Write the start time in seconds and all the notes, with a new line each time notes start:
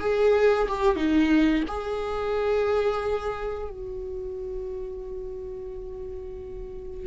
0.00 G#4
0.68 G4
0.96 D#4
1.68 G#4
3.70 F#4